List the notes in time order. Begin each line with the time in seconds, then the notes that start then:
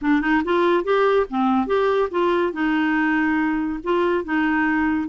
0.01 D4
0.21 D#4
0.44 F4
0.84 G4
1.29 C4
1.66 G4
2.10 F4
2.52 D#4
3.83 F4
4.24 D#4